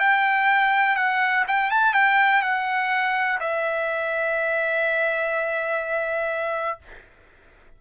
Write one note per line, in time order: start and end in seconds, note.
0.00 0.96 G5
0.96 1.45 F#5
1.48 1.71 G5
1.71 1.94 A5
1.94 2.42 G5
2.42 3.39 F#5
3.40 6.79 E5